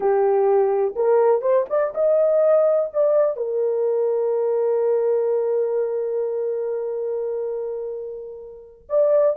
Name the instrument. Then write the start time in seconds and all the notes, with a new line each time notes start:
horn
0.00 G4
0.95 A#4
1.41 C5
1.69 D5
1.94 D#5
2.93 D5
3.36 A#4
8.89 D5